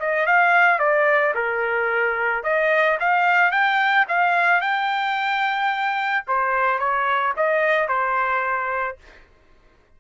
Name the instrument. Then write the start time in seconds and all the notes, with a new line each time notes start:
trumpet
0.00 D#5
0.27 F5
0.80 D5
1.35 A#4
2.44 D#5
3.00 F5
3.52 G5
4.09 F5
4.61 G5
6.28 C5
6.79 C#5
7.37 D#5
7.89 C5